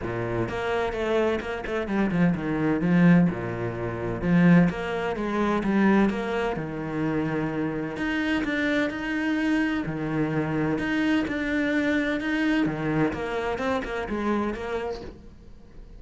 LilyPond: \new Staff \with { instrumentName = "cello" } { \time 4/4 \tempo 4 = 128 ais,4 ais4 a4 ais8 a8 | g8 f8 dis4 f4 ais,4~ | ais,4 f4 ais4 gis4 | g4 ais4 dis2~ |
dis4 dis'4 d'4 dis'4~ | dis'4 dis2 dis'4 | d'2 dis'4 dis4 | ais4 c'8 ais8 gis4 ais4 | }